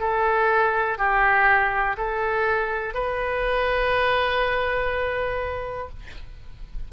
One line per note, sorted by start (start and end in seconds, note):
0.00 0.98 A4
0.98 1.97 G4
1.97 2.94 A4
2.94 5.89 B4